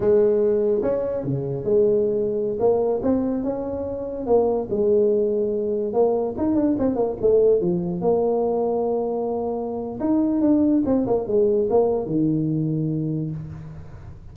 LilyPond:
\new Staff \with { instrumentName = "tuba" } { \time 4/4 \tempo 4 = 144 gis2 cis'4 cis4 | gis2~ gis16 ais4 c'8.~ | c'16 cis'2 ais4 gis8.~ | gis2~ gis16 ais4 dis'8 d'16~ |
d'16 c'8 ais8 a4 f4 ais8.~ | ais1 | dis'4 d'4 c'8 ais8 gis4 | ais4 dis2. | }